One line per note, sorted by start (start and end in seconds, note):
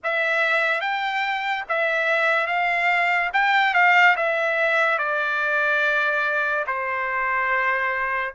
0.03 0.81 E5
0.81 1.64 G5
1.69 2.47 E5
2.47 3.30 F5
3.33 3.73 G5
3.73 4.15 F5
4.16 4.98 E5
4.98 6.64 D5
6.67 8.33 C5